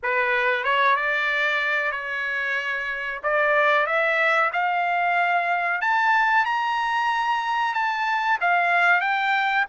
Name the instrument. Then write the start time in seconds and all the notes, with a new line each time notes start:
trumpet
0.02 B4
0.64 C#5
0.95 D5
1.91 C#5
3.23 D5
3.86 E5
4.52 F5
5.81 A5
6.45 A#5
7.74 A5
8.40 F5
9.00 G5